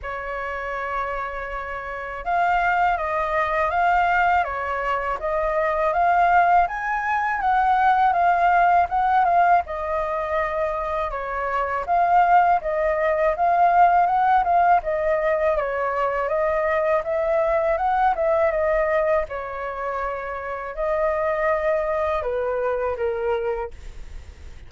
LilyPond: \new Staff \with { instrumentName = "flute" } { \time 4/4 \tempo 4 = 81 cis''2. f''4 | dis''4 f''4 cis''4 dis''4 | f''4 gis''4 fis''4 f''4 | fis''8 f''8 dis''2 cis''4 |
f''4 dis''4 f''4 fis''8 f''8 | dis''4 cis''4 dis''4 e''4 | fis''8 e''8 dis''4 cis''2 | dis''2 b'4 ais'4 | }